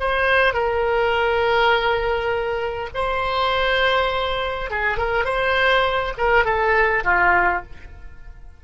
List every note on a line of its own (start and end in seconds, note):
0.00 0.54 C5
0.54 2.89 A#4
2.95 4.71 C5
4.71 4.98 G#4
4.98 5.25 A#4
5.25 6.13 C5
6.18 6.45 A#4
6.45 7.03 A4
7.04 7.63 F4